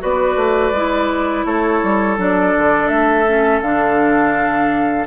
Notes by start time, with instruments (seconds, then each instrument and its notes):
0.00 bassoon B3, clarinet F#4, oboe B4, flute D5
0.36 bassoon A3
0.71 bassoon G#3, clarinet E4
1.45 bassoon A3, oboe A4, flute C#5
1.83 bassoon G3
2.17 bassoon F#3, clarinet D4, flute D5
2.57 bassoon D3
2.87 bassoon A3, flute E5
3.27 clarinet C#4
3.61 bassoon D3, clarinet D4, flute F5